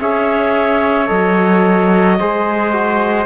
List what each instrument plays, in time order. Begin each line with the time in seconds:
0.00 cello C#4, trombone G#4, trumpet C#5, clarinet E5
1.07 cello F#3, trombone A4, clarinet D#5
2.20 cello G#3, trombone G#4, trumpet C5
2.73 trombone F#4